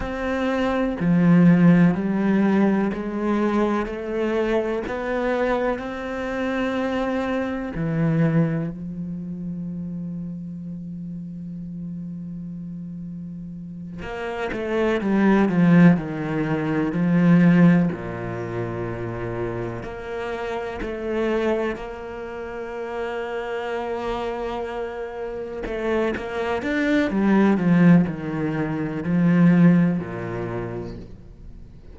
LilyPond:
\new Staff \with { instrumentName = "cello" } { \time 4/4 \tempo 4 = 62 c'4 f4 g4 gis4 | a4 b4 c'2 | e4 f2.~ | f2~ f8 ais8 a8 g8 |
f8 dis4 f4 ais,4.~ | ais,8 ais4 a4 ais4.~ | ais2~ ais8 a8 ais8 d'8 | g8 f8 dis4 f4 ais,4 | }